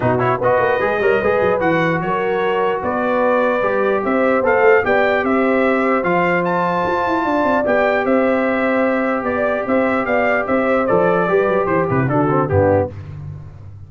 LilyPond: <<
  \new Staff \with { instrumentName = "trumpet" } { \time 4/4 \tempo 4 = 149 b'8 cis''8 dis''2. | fis''4 cis''2 d''4~ | d''2 e''4 f''4 | g''4 e''2 f''4 |
a''2. g''4 | e''2. d''4 | e''4 f''4 e''4 d''4~ | d''4 c''8 b'8 a'4 g'4 | }
  \new Staff \with { instrumentName = "horn" } { \time 4/4 fis'4 b'4. cis''8 b'4~ | b'4 ais'2 b'4~ | b'2 c''2 | d''4 c''2.~ |
c''2 d''2 | c''2. d''4 | c''4 d''4 c''2 | b'4 c''8 e'8 fis'4 d'4 | }
  \new Staff \with { instrumentName = "trombone" } { \time 4/4 dis'8 e'8 fis'4 gis'8 ais'8 gis'4 | fis'1~ | fis'4 g'2 a'4 | g'2. f'4~ |
f'2. g'4~ | g'1~ | g'2. a'4 | g'2 d'8 c'8 b4 | }
  \new Staff \with { instrumentName = "tuba" } { \time 4/4 b,4 b8 ais8 gis8 g8 gis8 fis8 | e4 fis2 b4~ | b4 g4 c'4 b8 a8 | b4 c'2 f4~ |
f4 f'8 e'8 d'8 c'8 b4 | c'2. b4 | c'4 b4 c'4 f4 | g8 fis8 e8 c8 d4 g,4 | }
>>